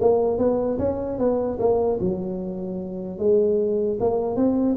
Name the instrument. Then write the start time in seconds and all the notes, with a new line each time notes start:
tuba
0.00 A#3
0.38 B3
0.78 C#4
1.18 B3
1.59 A#3
2.00 F#3
3.18 G#3
4.00 A#3
4.36 C4